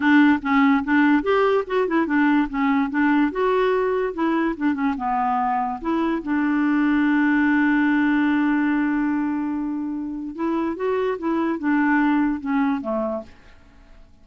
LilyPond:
\new Staff \with { instrumentName = "clarinet" } { \time 4/4 \tempo 4 = 145 d'4 cis'4 d'4 g'4 | fis'8 e'8 d'4 cis'4 d'4 | fis'2 e'4 d'8 cis'8 | b2 e'4 d'4~ |
d'1~ | d'1~ | d'4 e'4 fis'4 e'4 | d'2 cis'4 a4 | }